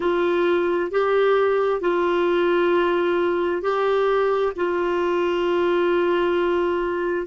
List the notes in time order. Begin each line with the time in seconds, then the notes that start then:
0.00 F4
0.91 G4
1.81 F4
3.62 G4
4.55 F4